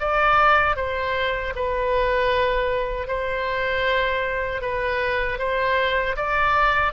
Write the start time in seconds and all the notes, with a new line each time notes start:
0.00 D5
0.77 C5
1.56 B4
3.08 C5
4.62 B4
5.39 C5
6.16 D5